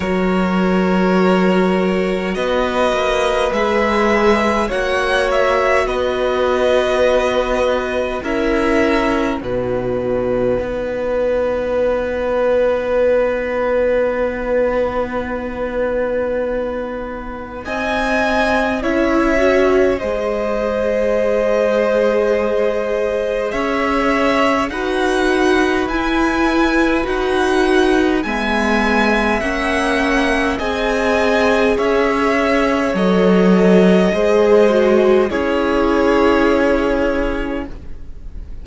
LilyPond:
<<
  \new Staff \with { instrumentName = "violin" } { \time 4/4 \tempo 4 = 51 cis''2 dis''4 e''4 | fis''8 e''8 dis''2 e''4 | fis''1~ | fis''2. gis''4 |
e''4 dis''2. | e''4 fis''4 gis''4 fis''4 | gis''4 fis''4 gis''4 e''4 | dis''2 cis''2 | }
  \new Staff \with { instrumentName = "violin" } { \time 4/4 ais'2 b'2 | cis''4 b'2 ais'4 | b'1~ | b'2. dis''4 |
cis''4 c''2. | cis''4 b'2. | e''2 dis''4 cis''4~ | cis''4 c''4 gis'2 | }
  \new Staff \with { instrumentName = "viola" } { \time 4/4 fis'2. gis'4 | fis'2. e'4 | dis'1~ | dis'1 |
e'8 fis'8 gis'2.~ | gis'4 fis'4 e'4 fis'4 | b4 cis'4 gis'2 | a'4 gis'8 fis'8 e'2 | }
  \new Staff \with { instrumentName = "cello" } { \time 4/4 fis2 b8 ais8 gis4 | ais4 b2 cis'4 | b,4 b2.~ | b2. c'4 |
cis'4 gis2. | cis'4 dis'4 e'4 dis'4 | gis4 ais4 c'4 cis'4 | fis4 gis4 cis'2 | }
>>